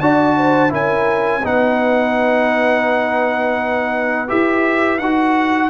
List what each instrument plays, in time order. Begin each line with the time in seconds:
0.00 tuba D4, trombone F#4, horn D5, trumpet A5
0.37 horn C5
0.70 tuba C#4, trombone E4, horn A#4, trumpet G#5
1.42 tuba B3, trombone D#4, horn B4, trumpet F#5
4.28 tuba E4, trombone G4, trumpet E5
4.99 tuba D#4, trombone F#4, trumpet F#5